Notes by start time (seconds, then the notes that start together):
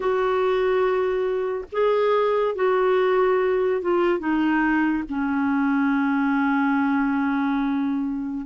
0.00 F#4
1.72 G#4
2.55 F#4
3.81 F4
4.19 D#4
5.09 C#4